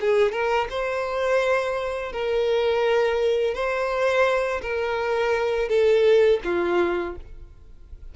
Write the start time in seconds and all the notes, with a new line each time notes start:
0.00 G#4
0.32 A#4
0.70 C5
2.12 A#4
3.54 C5
4.62 A#4
5.69 A4
6.44 F4